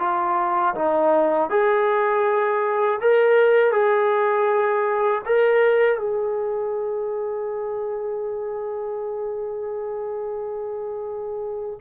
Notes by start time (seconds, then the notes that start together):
0.00 F4
0.76 D#4
1.50 G#4
3.01 A#4
3.72 G#4
5.26 A#4
5.99 G#4